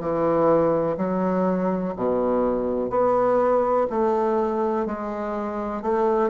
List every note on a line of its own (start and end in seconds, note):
0.00 0.97 E3
0.98 1.94 F#3
1.96 2.90 B2
2.90 3.87 B3
3.90 4.87 A3
4.87 5.82 G#3
5.82 6.30 A3